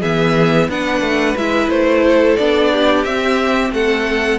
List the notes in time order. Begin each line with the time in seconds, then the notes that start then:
0.00 E3 B3 G#4 E5
0.69 B3 D4 B4 F#5
1.01 A3
1.36 G#3 E4 E5
1.68 A3 C5
2.06 A4
2.37 B3 D4 D5
2.72 G4
3.03 C4 E5
3.71 A3 A4 F#5